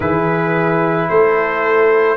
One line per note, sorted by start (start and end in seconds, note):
0.00 1.08 E3
0.00 2.16 E4
0.00 1.09 G#4
0.00 1.09 B4
1.09 2.16 A3
1.09 2.16 A4
1.09 2.16 C5